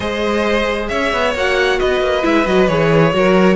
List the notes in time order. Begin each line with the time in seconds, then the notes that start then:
0.00 G#3 G#4 C5 D#5
0.88 C#4 C#5 E5
1.13 B3
1.35 A#3 F#4 F#5
1.79 B3 B4 D#5
2.01 A#3
2.22 G#3 E4 E5
2.45 F#3 F#4 D#5
2.68 E3 G#4 C#5
3.12 F#3 F#4 A#4